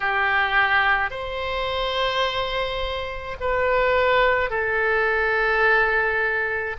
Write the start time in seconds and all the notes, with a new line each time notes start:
0.00 G4
1.10 C5
3.40 B4
4.50 A4